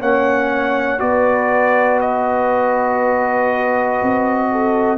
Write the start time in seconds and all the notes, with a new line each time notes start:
0.00 A#3 C#4 C#5 F#5
0.98 B3 F#4 B4 D5
2.00 D#5
4.02 C4
4.51 A4